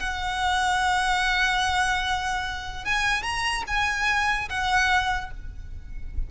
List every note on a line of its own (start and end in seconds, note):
0.00 2.85 F#5
2.85 3.23 G#5
3.23 3.64 A#5
3.68 4.49 G#5
4.50 5.31 F#5